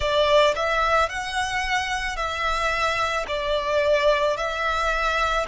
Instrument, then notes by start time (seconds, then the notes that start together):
violin
0.00 D5
0.55 E5
1.09 F#5
2.16 E5
3.27 D5
4.36 E5